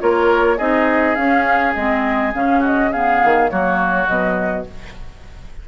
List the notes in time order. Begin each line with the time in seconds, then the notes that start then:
0.00 A#3 F4 A#4 C#5
0.57 C4 D#4 G#4 D#5
1.15 C#4 F5
1.74 G#3 C4 D#5
2.33 C#3 C#4 F5
2.60 F#4 D#5
2.92 B3 G#4 F5
3.24 D#3
3.50 F#3 A#3 F#4 C#5
4.07 B2 F#3 D#5